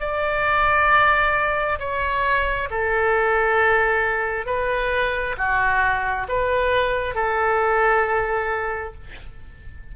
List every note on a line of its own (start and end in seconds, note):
0.00 1.79 D5
1.80 2.69 C#5
2.71 4.46 A4
4.46 5.36 B4
5.38 6.28 F#4
6.28 7.15 B4
7.15 8.94 A4